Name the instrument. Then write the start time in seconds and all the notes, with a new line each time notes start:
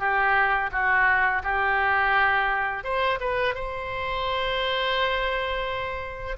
oboe
0.00 G4
0.72 F#4
1.43 G4
2.84 C5
3.21 B4
3.55 C5